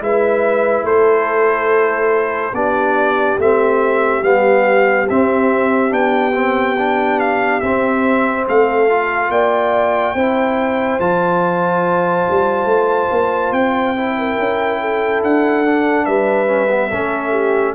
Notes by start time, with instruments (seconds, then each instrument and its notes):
0.00 tuba G#3, trombone E4, horn B4, trumpet E5
0.83 tuba A3, horn A4, trumpet C5
2.53 tuba B3, trombone D4, horn G4, trumpet D5
3.38 tuba A3, trombone C4, trumpet E5
4.23 tuba G3, trombone B3, trumpet F5
5.09 tuba C4, trombone C4, trumpet E5
5.90 tuba B3, trombone D4, trumpet G5
6.34 trombone C4
6.78 trombone D4
7.20 trumpet F5
7.60 tuba C4, trombone C4, trumpet E5
8.47 tuba A3, horn A4, trumpet F5
8.89 trombone F4
9.29 tuba A#3, horn D5, trumpet G5
10.14 tuba C4, trombone E4, horn C5
11.00 tuba F3, trombone F4, trumpet A5
12.30 tuba G3
12.65 tuba A3
13.11 tuba A#3
13.52 tuba C4, trumpet G5
13.97 trombone E4
14.18 horn A#4
14.39 tuba C#4
14.81 horn A4
15.23 tuba D4, trumpet F#5
15.65 trombone D4
16.05 tuba G3, horn B4, trumpet E5
16.47 trombone C#4
16.70 trombone B3
16.90 tuba A3, trombone C#4, horn A4
17.31 horn G4